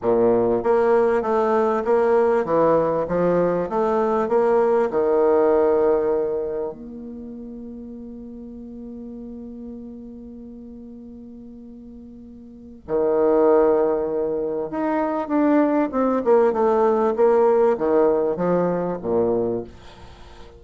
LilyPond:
\new Staff \with { instrumentName = "bassoon" } { \time 4/4 \tempo 4 = 98 ais,4 ais4 a4 ais4 | e4 f4 a4 ais4 | dis2. ais4~ | ais1~ |
ais1~ | ais4 dis2. | dis'4 d'4 c'8 ais8 a4 | ais4 dis4 f4 ais,4 | }